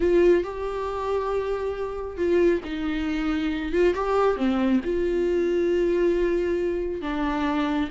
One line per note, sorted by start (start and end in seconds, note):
0.00 0.43 F4
0.43 2.17 G4
2.17 2.61 F4
2.64 3.72 D#4
3.72 3.94 F4
3.94 4.37 G4
4.37 4.80 C4
4.84 7.01 F4
7.01 7.89 D4